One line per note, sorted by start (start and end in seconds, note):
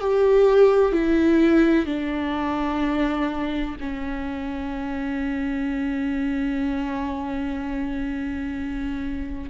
0.00 0.92 G4
0.92 1.86 E4
1.86 3.76 D4
3.80 9.50 C#4